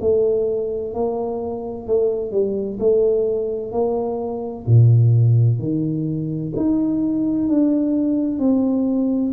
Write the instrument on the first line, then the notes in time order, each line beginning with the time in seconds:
tuba
0.00 A3
0.94 A#3
1.87 A3
2.31 G3
2.79 A3
3.72 A#3
4.67 A#2
5.59 D#3
6.56 D#4
7.48 D4
8.39 C4